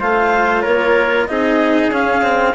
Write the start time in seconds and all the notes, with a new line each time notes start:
0.00 A3 F4 C5 F5
0.62 A#3 A#4 C#5
1.27 C4 D#4 G#4 D#5
1.89 C#4 F5
2.23 C4